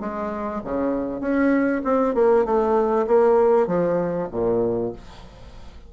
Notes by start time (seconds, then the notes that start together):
0.00 G#3
0.64 C#3
1.20 C#4
1.84 C4
2.14 A#3
2.45 A3
3.07 A#3
3.67 F3
4.31 A#2